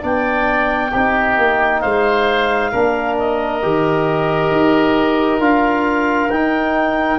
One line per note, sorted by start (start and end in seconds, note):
0.00 0.92 B3
0.00 0.90 D4
0.00 0.91 D5
0.00 1.80 G5
0.91 1.37 C4
0.91 2.72 D#4
0.91 1.81 G4
1.37 1.82 A#3
1.80 2.73 G#3
1.80 2.71 C5
1.80 3.15 F5
2.71 3.63 A#3
2.71 3.62 D4
2.71 7.19 A#4
3.18 5.41 D#5
3.62 4.51 D#3
3.62 5.40 G4
4.51 5.39 D#4
5.39 6.29 D4
5.39 6.29 F4
5.39 6.30 F5
6.30 7.19 D#4
6.30 7.19 G5